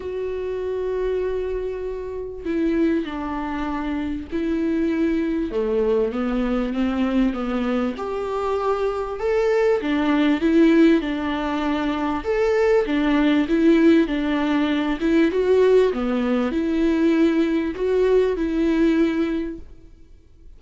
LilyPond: \new Staff \with { instrumentName = "viola" } { \time 4/4 \tempo 4 = 98 fis'1 | e'4 d'2 e'4~ | e'4 a4 b4 c'4 | b4 g'2 a'4 |
d'4 e'4 d'2 | a'4 d'4 e'4 d'4~ | d'8 e'8 fis'4 b4 e'4~ | e'4 fis'4 e'2 | }